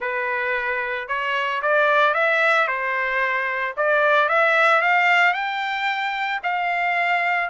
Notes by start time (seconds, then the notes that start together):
0.00 B4
1.08 C#5
1.62 D5
2.14 E5
2.67 C5
3.76 D5
4.29 E5
4.81 F5
5.33 G5
6.43 F5